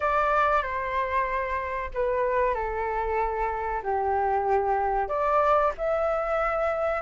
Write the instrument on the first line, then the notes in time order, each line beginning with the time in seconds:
flute
0.00 D5
0.62 C5
1.94 B4
2.54 A4
3.83 G4
5.08 D5
5.77 E5